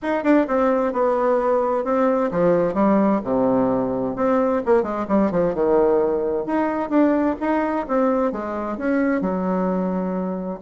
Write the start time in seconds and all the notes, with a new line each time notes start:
0.02 D#4
0.23 D4
0.47 C4
0.92 B3
1.84 C4
2.31 F3
2.74 G3
3.23 C3
4.15 C4
4.65 A#3
4.83 G#3
5.08 G3
5.31 F3
5.54 D#3
6.46 D#4
6.89 D4
7.40 D#4
7.88 C4
8.31 G#3
8.77 C#4
9.21 F#3